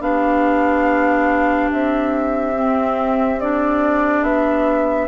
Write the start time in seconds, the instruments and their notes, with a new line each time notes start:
0.00 bassoon B3, clarinet D4, oboe G4, flute F5
1.71 bassoon C4, flute E5
2.55 clarinet C4
3.39 clarinet D4, flute D5
4.22 bassoon B3, flute E5